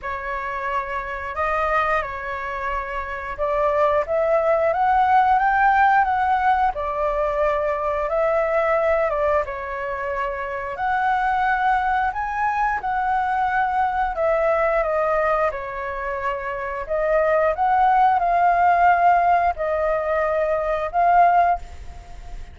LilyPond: \new Staff \with { instrumentName = "flute" } { \time 4/4 \tempo 4 = 89 cis''2 dis''4 cis''4~ | cis''4 d''4 e''4 fis''4 | g''4 fis''4 d''2 | e''4. d''8 cis''2 |
fis''2 gis''4 fis''4~ | fis''4 e''4 dis''4 cis''4~ | cis''4 dis''4 fis''4 f''4~ | f''4 dis''2 f''4 | }